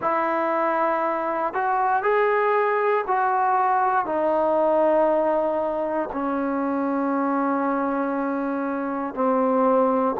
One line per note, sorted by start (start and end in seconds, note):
0.01 1.53 E4
1.53 2.02 F#4
2.02 3.04 G#4
3.07 4.05 F#4
4.05 6.09 D#4
6.12 9.14 C#4
9.14 10.16 C4